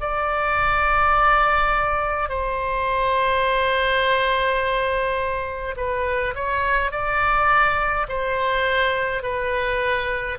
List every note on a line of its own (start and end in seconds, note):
0.00 2.29 D5
2.29 5.75 C5
5.76 6.34 B4
6.35 6.91 C#5
6.91 8.07 D5
8.08 9.23 C5
9.23 10.38 B4